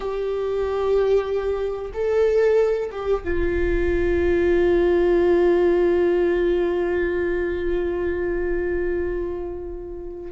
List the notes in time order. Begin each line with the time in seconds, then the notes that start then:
0.00 G4
1.93 A4
2.91 G4
3.24 F4